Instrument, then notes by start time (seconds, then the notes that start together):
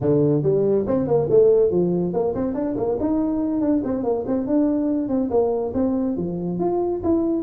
tuba
0.00 D3
0.42 G3
0.86 C4
1.07 A#3
1.29 A3
1.70 F3
2.13 A#3
2.34 C4
2.54 D4
2.77 A#3
3.00 D#4
3.60 D4
3.84 C4
4.03 A#3
4.26 C4
4.46 D4
5.08 C4
5.30 A#3
5.74 C4
6.16 F3
6.59 F4
7.03 E4